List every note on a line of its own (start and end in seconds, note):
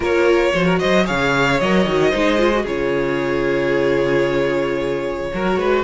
0.00 0.53 A#3
0.00 0.52 F4
0.00 0.51 A#4
0.00 0.79 C#5
0.52 0.80 F3
0.52 1.05 F#4
0.52 0.65 C5
0.65 0.79 A#4
0.79 1.09 F#3
0.79 1.04 C5
0.79 1.05 D#5
1.04 1.61 C#3
1.04 1.58 G#4
1.04 2.09 C#5
1.04 1.60 F5
1.60 1.86 F#3
1.60 1.86 A#4
1.60 2.66 D#5
1.86 2.12 D#3
1.86 2.12 F#4
2.09 2.64 G#3
2.09 2.38 D#4
2.09 2.62 C5
2.38 2.51 F4
2.52 2.66 F#4
2.62 5.30 C#3
2.62 5.31 F4
2.62 5.28 G#4
2.62 5.83 C#5
5.33 5.56 F#3
5.33 5.83 F#4
5.33 5.59 A#4
5.56 5.83 G#3
5.56 5.83 B4